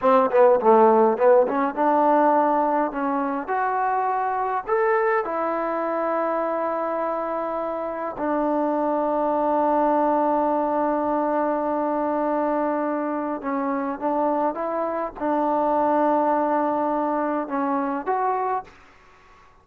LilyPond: \new Staff \with { instrumentName = "trombone" } { \time 4/4 \tempo 4 = 103 c'8 b8 a4 b8 cis'8 d'4~ | d'4 cis'4 fis'2 | a'4 e'2.~ | e'2 d'2~ |
d'1~ | d'2. cis'4 | d'4 e'4 d'2~ | d'2 cis'4 fis'4 | }